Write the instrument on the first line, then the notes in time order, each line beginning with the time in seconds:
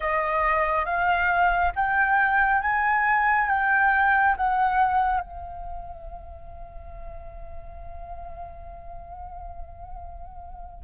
flute
0.00 D#5
0.85 F5
1.75 G5
2.61 G#5
3.48 G5
4.36 F#5
5.20 F5